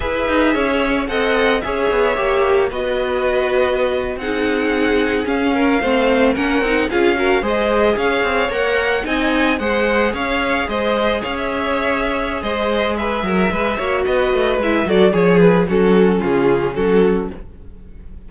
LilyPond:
<<
  \new Staff \with { instrumentName = "violin" } { \time 4/4 \tempo 4 = 111 e''2 fis''4 e''4~ | e''4 dis''2~ dis''8. fis''16~ | fis''4.~ fis''16 f''2 fis''16~ | fis''8. f''4 dis''4 f''4 fis''16~ |
fis''8. gis''4 fis''4 f''4 dis''16~ | dis''8. f''16 e''2 dis''4 | e''2 dis''4 e''8 d''8 | cis''8 b'8 a'4 gis'4 a'4 | }
  \new Staff \with { instrumentName = "violin" } { \time 4/4 b'4 cis''4 dis''4 cis''4~ | cis''4 b'2~ b'8. gis'16~ | gis'2~ gis'16 ais'8 c''4 ais'16~ | ais'8. gis'8 ais'8 c''4 cis''4~ cis''16~ |
cis''8. dis''4 c''4 cis''4 c''16~ | c''8. cis''2~ cis''16 c''4 | b'8 ais'8 b'8 cis''8 b'4. a'8 | gis'4 fis'4 f'4 fis'4 | }
  \new Staff \with { instrumentName = "viola" } { \time 4/4 gis'2 a'4 gis'4 | g'4 fis'2~ fis'8. dis'16~ | dis'4.~ dis'16 cis'4 c'4 cis'16~ | cis'16 dis'8 f'8 fis'8 gis'2 ais'16~ |
ais'8. dis'4 gis'2~ gis'16~ | gis'1~ | gis'4. fis'4. e'8 fis'8 | gis'4 cis'2. | }
  \new Staff \with { instrumentName = "cello" } { \time 4/4 e'8 dis'8 cis'4 c'4 cis'8 b8 | ais4 b2~ b8. c'16~ | c'4.~ c'16 cis'4 a4 ais16~ | ais16 c'8 cis'4 gis4 cis'8 c'8 ais16~ |
ais8. c'4 gis4 cis'4 gis16~ | gis8. cis'2~ cis'16 gis4~ | gis8 fis8 gis8 ais8 b8 a8 gis8 fis8 | f4 fis4 cis4 fis4 | }
>>